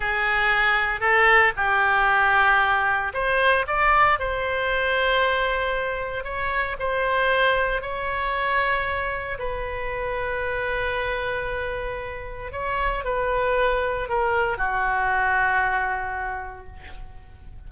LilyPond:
\new Staff \with { instrumentName = "oboe" } { \time 4/4 \tempo 4 = 115 gis'2 a'4 g'4~ | g'2 c''4 d''4 | c''1 | cis''4 c''2 cis''4~ |
cis''2 b'2~ | b'1 | cis''4 b'2 ais'4 | fis'1 | }